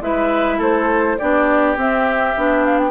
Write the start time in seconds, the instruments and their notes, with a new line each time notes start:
0.00 bassoon G#3, clarinet E4, oboe B4, flute E5
0.58 bassoon A3, oboe A4, flute C5
1.18 bassoon B3, clarinet D4, oboe G4, flute D5
1.77 bassoon C4, clarinet C4, flute E5
2.37 bassoon B3, clarinet D4
2.65 flute F5
2.79 flute G5